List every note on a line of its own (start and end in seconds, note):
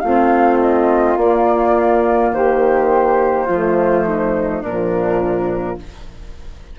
0.00 1.16 A3
0.00 1.19 C4
0.00 2.34 F4
0.00 0.58 F5
0.61 1.18 D#5
1.16 2.32 A#3
1.16 3.50 A#3
1.16 2.33 D5
2.32 3.48 D#3
2.32 3.46 G4
2.32 4.63 C5
3.46 4.63 F3
3.46 4.64 A3
3.46 4.04 F4
4.07 4.62 D#4
4.62 5.78 A#2
4.62 5.79 F3
4.62 5.77 D4
4.62 5.79 A#4